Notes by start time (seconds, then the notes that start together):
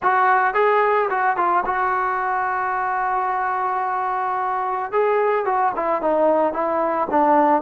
0.02 F#4
0.54 G#4
1.10 F#4
1.36 F4
1.65 F#4
4.92 G#4
5.45 F#4
5.75 E4
6.01 D#4
6.53 E4
7.10 D4